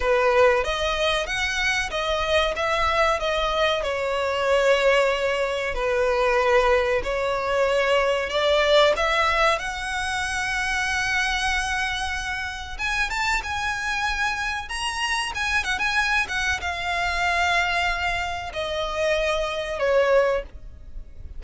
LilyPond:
\new Staff \with { instrumentName = "violin" } { \time 4/4 \tempo 4 = 94 b'4 dis''4 fis''4 dis''4 | e''4 dis''4 cis''2~ | cis''4 b'2 cis''4~ | cis''4 d''4 e''4 fis''4~ |
fis''1 | gis''8 a''8 gis''2 ais''4 | gis''8 fis''16 gis''8. fis''8 f''2~ | f''4 dis''2 cis''4 | }